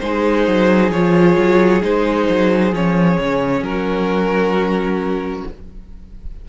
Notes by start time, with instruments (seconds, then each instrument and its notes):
0.00 cello G#3, viola D#4, violin G#4 C5
0.48 cello F#3
0.91 cello F3, viola F4, violin C#5
1.37 cello F#3
1.82 cello G#3, viola D#4, violin C5
2.30 cello F#3
2.73 cello F3, viola C#4, violin C#5
3.20 cello C#3
3.62 cello F#3, violin F#4 A#4